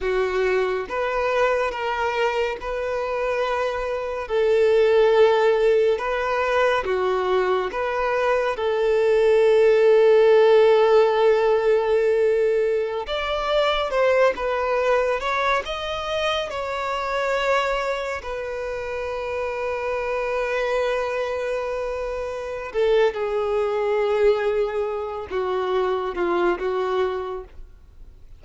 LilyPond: \new Staff \with { instrumentName = "violin" } { \time 4/4 \tempo 4 = 70 fis'4 b'4 ais'4 b'4~ | b'4 a'2 b'4 | fis'4 b'4 a'2~ | a'2.~ a'16 d''8.~ |
d''16 c''8 b'4 cis''8 dis''4 cis''8.~ | cis''4~ cis''16 b'2~ b'8.~ | b'2~ b'8 a'8 gis'4~ | gis'4. fis'4 f'8 fis'4 | }